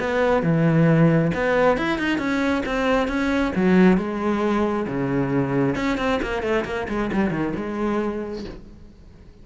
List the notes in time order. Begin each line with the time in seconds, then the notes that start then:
0.00 B3
0.43 E3
1.34 B3
1.77 E4
1.98 D#4
2.18 C#4
2.66 C4
3.08 C#4
3.55 F#3
3.98 G#3
4.87 C#3
5.76 C#4
5.98 C4
6.22 A#3
6.42 A3
6.65 A#3
6.88 G#3
7.13 G3
7.31 D#3
7.56 G#3